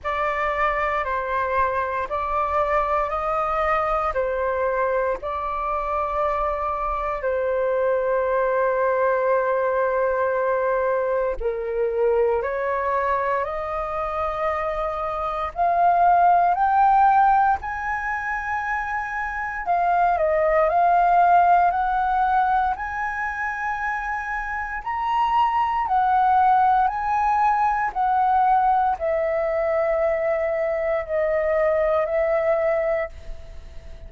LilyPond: \new Staff \with { instrumentName = "flute" } { \time 4/4 \tempo 4 = 58 d''4 c''4 d''4 dis''4 | c''4 d''2 c''4~ | c''2. ais'4 | cis''4 dis''2 f''4 |
g''4 gis''2 f''8 dis''8 | f''4 fis''4 gis''2 | ais''4 fis''4 gis''4 fis''4 | e''2 dis''4 e''4 | }